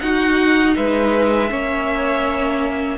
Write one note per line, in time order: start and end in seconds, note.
0.00 1.48 D#4
0.00 0.77 D#4
0.00 0.77 F#4
0.00 0.74 F#5
0.76 1.52 G#3
0.76 1.50 B4
0.76 2.98 E5
1.49 2.98 A#3
1.49 2.97 C#4
1.49 2.98 C#5